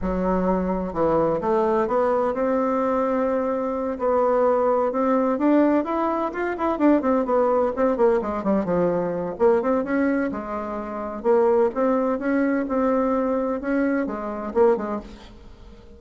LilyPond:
\new Staff \with { instrumentName = "bassoon" } { \time 4/4 \tempo 4 = 128 fis2 e4 a4 | b4 c'2.~ | c'8 b2 c'4 d'8~ | d'8 e'4 f'8 e'8 d'8 c'8 b8~ |
b8 c'8 ais8 gis8 g8 f4. | ais8 c'8 cis'4 gis2 | ais4 c'4 cis'4 c'4~ | c'4 cis'4 gis4 ais8 gis8 | }